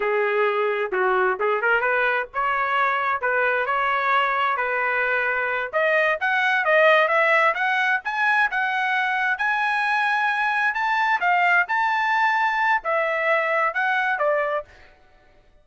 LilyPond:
\new Staff \with { instrumentName = "trumpet" } { \time 4/4 \tempo 4 = 131 gis'2 fis'4 gis'8 ais'8 | b'4 cis''2 b'4 | cis''2 b'2~ | b'8 dis''4 fis''4 dis''4 e''8~ |
e''8 fis''4 gis''4 fis''4.~ | fis''8 gis''2. a''8~ | a''8 f''4 a''2~ a''8 | e''2 fis''4 d''4 | }